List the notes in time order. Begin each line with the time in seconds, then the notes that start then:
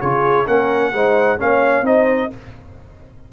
0.00 C#3 F4 G#4 C#5
0.46 A#3 C#4 A#4 F#5
0.93 G#3 D#4 C5
1.38 A#3 C#4 C#5 F5
1.82 C4 D#4 C5 D#5